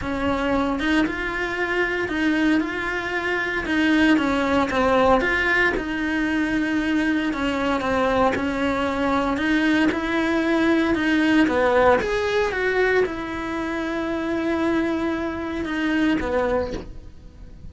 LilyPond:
\new Staff \with { instrumentName = "cello" } { \time 4/4 \tempo 4 = 115 cis'4. dis'8 f'2 | dis'4 f'2 dis'4 | cis'4 c'4 f'4 dis'4~ | dis'2 cis'4 c'4 |
cis'2 dis'4 e'4~ | e'4 dis'4 b4 gis'4 | fis'4 e'2.~ | e'2 dis'4 b4 | }